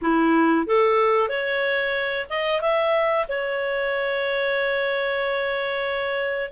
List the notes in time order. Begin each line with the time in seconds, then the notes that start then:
0.01 E4
0.66 A4
1.29 C#5
2.29 D#5
2.61 E5
3.28 C#5